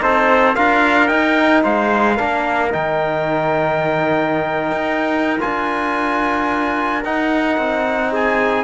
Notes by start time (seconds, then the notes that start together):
0.00 C4 D#4 A4 C5
0.55 D4 F4 A#4 F5
1.07 D#4 G5
1.63 G#3 C5 F5
2.16 A#3 D4 A#4
2.70 D#3 D#4 G5
4.71 D#4
5.40 D4 F4 G#5
7.04 D#4 F#5
7.57 C4
8.12 G#4 G#5